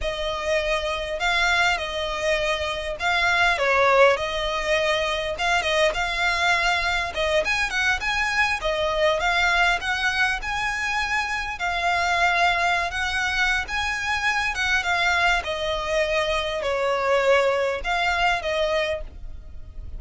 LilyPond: \new Staff \with { instrumentName = "violin" } { \time 4/4 \tempo 4 = 101 dis''2 f''4 dis''4~ | dis''4 f''4 cis''4 dis''4~ | dis''4 f''8 dis''8 f''2 | dis''8 gis''8 fis''8 gis''4 dis''4 f''8~ |
f''8 fis''4 gis''2 f''8~ | f''4.~ f''16 fis''4~ fis''16 gis''4~ | gis''8 fis''8 f''4 dis''2 | cis''2 f''4 dis''4 | }